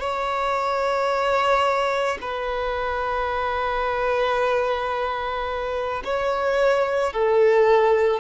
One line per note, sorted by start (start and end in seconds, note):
0.00 2.18 C#5
2.21 6.03 B4
6.04 7.13 C#5
7.13 8.20 A4